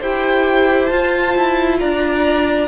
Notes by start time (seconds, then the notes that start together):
0.00 E4 G4 C5 G5
0.87 F4 A5
1.36 E4
1.80 D4 D5 A#5